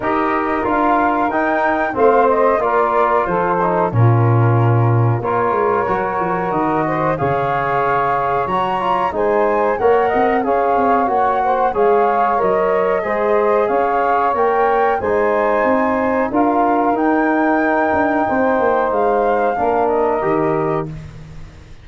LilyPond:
<<
  \new Staff \with { instrumentName = "flute" } { \time 4/4 \tempo 4 = 92 dis''4 f''4 g''4 f''8 dis''8 | d''4 c''4 ais'2 | cis''2 dis''4 f''4~ | f''4 ais''4 gis''4 fis''4 |
f''4 fis''4 f''4 dis''4~ | dis''4 f''4 g''4 gis''4~ | gis''4 f''4 g''2~ | g''4 f''4. dis''4. | }
  \new Staff \with { instrumentName = "saxophone" } { \time 4/4 ais'2. c''4 | ais'4 a'4 f'2 | ais'2~ ais'8 c''8 cis''4~ | cis''2 c''4 cis''8 dis''8 |
cis''4. c''8 cis''2 | c''4 cis''2 c''4~ | c''4 ais'2. | c''2 ais'2 | }
  \new Staff \with { instrumentName = "trombone" } { \time 4/4 g'4 f'4 dis'4 c'4 | f'4. dis'8 cis'2 | f'4 fis'2 gis'4~ | gis'4 fis'8 f'8 dis'4 ais'4 |
gis'4 fis'4 gis'4 ais'4 | gis'2 ais'4 dis'4~ | dis'4 f'4 dis'2~ | dis'2 d'4 g'4 | }
  \new Staff \with { instrumentName = "tuba" } { \time 4/4 dis'4 d'4 dis'4 a4 | ais4 f4 ais,2 | ais8 gis8 fis8 f8 dis4 cis4~ | cis4 fis4 gis4 ais8 c'8 |
cis'8 c'8 ais4 gis4 fis4 | gis4 cis'4 ais4 gis4 | c'4 d'4 dis'4. d'8 | c'8 ais8 gis4 ais4 dis4 | }
>>